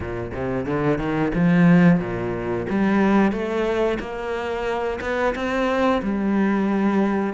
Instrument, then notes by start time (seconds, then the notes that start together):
cello
0.00 A#2
0.33 C3
0.65 D3
0.98 D#3
1.34 F3
1.99 A#2
2.69 G3
3.32 A3
3.99 A#3
5.01 B3
5.35 C4
6.02 G3